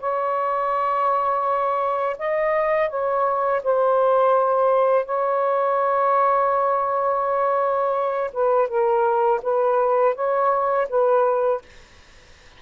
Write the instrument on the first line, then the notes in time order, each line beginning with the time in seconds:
saxophone
0.00 C#5
2.19 D#5
2.89 C#5
3.64 C5
5.06 C#5
8.34 B4
8.68 A#4
9.43 B4
10.15 C#5
10.90 B4